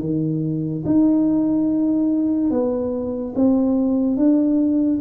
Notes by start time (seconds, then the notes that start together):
0.00 D#3
0.85 D#4
2.50 B3
3.35 C4
4.17 D4